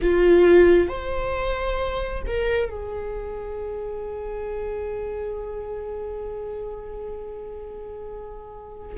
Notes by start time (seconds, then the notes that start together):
0.01 F4
0.88 C5
2.26 A#4
2.69 G#4